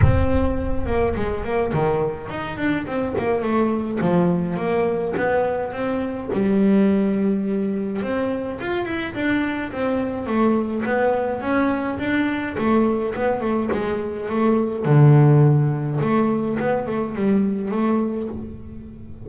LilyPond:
\new Staff \with { instrumentName = "double bass" } { \time 4/4 \tempo 4 = 105 c'4. ais8 gis8 ais8 dis4 | dis'8 d'8 c'8 ais8 a4 f4 | ais4 b4 c'4 g4~ | g2 c'4 f'8 e'8 |
d'4 c'4 a4 b4 | cis'4 d'4 a4 b8 a8 | gis4 a4 d2 | a4 b8 a8 g4 a4 | }